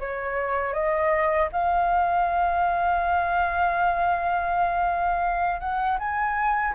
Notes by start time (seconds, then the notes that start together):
0.00 C#5
0.74 D#5
1.52 F5
5.60 F#5
5.99 G#5